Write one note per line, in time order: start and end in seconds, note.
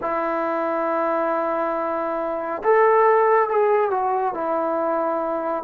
0.01 2.62 E4
2.63 3.49 A4
3.49 3.90 G#4
3.90 4.34 F#4
4.34 5.63 E4